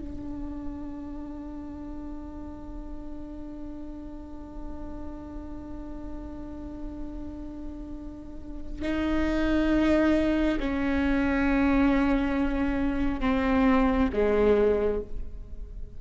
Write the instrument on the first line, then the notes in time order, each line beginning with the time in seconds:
viola
0.00 D4
8.83 D#4
10.60 C#4
13.21 C4
14.13 G#3